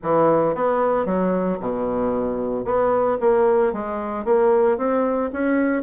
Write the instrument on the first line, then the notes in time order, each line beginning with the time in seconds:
bassoon
0.02 E3
0.55 B3
1.05 F#3
1.59 B2
2.64 B3
3.20 A#3
3.72 G#3
4.25 A#3
4.77 C4
5.32 C#4